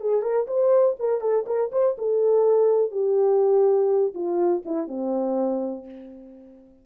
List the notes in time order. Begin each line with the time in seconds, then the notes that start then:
0.00 G#4
0.22 A#4
0.47 C5
0.99 A#4
1.20 A4
1.46 A#4
1.72 C5
1.98 A4
2.91 G4
4.14 F4
4.65 E4
4.88 C4